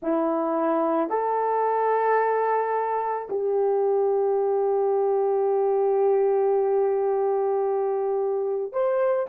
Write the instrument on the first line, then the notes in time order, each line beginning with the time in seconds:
horn
0.02 E4
1.09 A4
3.29 G4
8.72 C5